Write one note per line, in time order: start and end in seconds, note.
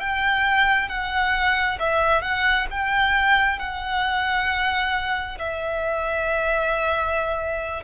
0.00 0.89 G5
0.89 1.78 F#5
1.79 2.22 E5
2.22 2.67 F#5
2.71 3.59 G5
3.59 5.38 F#5
5.39 7.84 E5